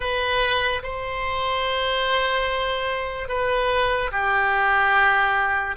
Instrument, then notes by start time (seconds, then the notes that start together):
oboe
0.00 B4
0.82 C5
3.28 B4
4.11 G4